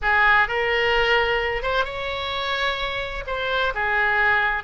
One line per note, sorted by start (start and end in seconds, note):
0.01 0.48 G#4
0.48 1.62 A#4
1.62 1.84 C5
1.84 3.24 C#5
3.27 3.73 C5
3.74 4.63 G#4